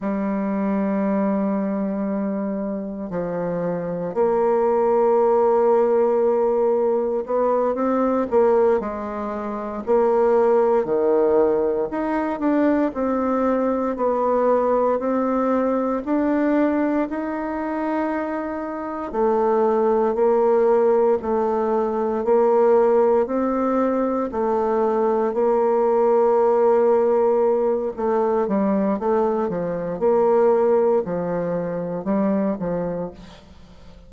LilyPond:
\new Staff \with { instrumentName = "bassoon" } { \time 4/4 \tempo 4 = 58 g2. f4 | ais2. b8 c'8 | ais8 gis4 ais4 dis4 dis'8 | d'8 c'4 b4 c'4 d'8~ |
d'8 dis'2 a4 ais8~ | ais8 a4 ais4 c'4 a8~ | a8 ais2~ ais8 a8 g8 | a8 f8 ais4 f4 g8 f8 | }